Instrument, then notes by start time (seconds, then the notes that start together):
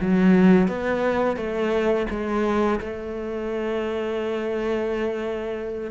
cello
0.00 F#3
0.68 B3
1.36 A3
2.10 G#3
2.80 A3